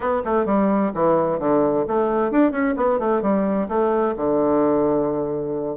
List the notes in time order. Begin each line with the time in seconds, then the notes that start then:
0.00 B3
0.25 A3
0.45 G3
0.94 E3
1.39 D3
1.87 A3
2.31 D4
2.51 C#4
2.76 B3
2.99 A3
3.22 G3
3.68 A3
4.16 D3